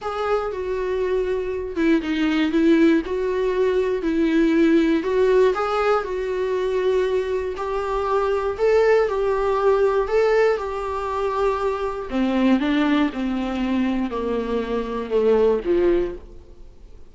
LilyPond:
\new Staff \with { instrumentName = "viola" } { \time 4/4 \tempo 4 = 119 gis'4 fis'2~ fis'8 e'8 | dis'4 e'4 fis'2 | e'2 fis'4 gis'4 | fis'2. g'4~ |
g'4 a'4 g'2 | a'4 g'2. | c'4 d'4 c'2 | ais2 a4 f4 | }